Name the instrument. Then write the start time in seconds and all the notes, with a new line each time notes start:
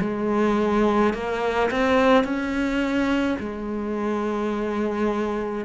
cello
0.00 G#3
1.13 A#3
1.71 C4
2.24 C#4
3.40 G#3